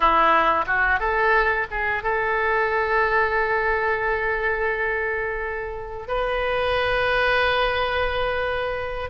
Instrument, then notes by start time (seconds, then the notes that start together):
oboe
0.00 E4
0.66 F#4
0.99 A4
1.70 G#4
2.03 A4
6.07 B4